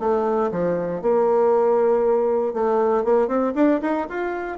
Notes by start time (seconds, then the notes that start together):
0.00 A3
0.51 F3
1.02 A#3
2.53 A3
3.04 A#3
3.28 C4
3.55 D4
3.82 D#4
4.10 F4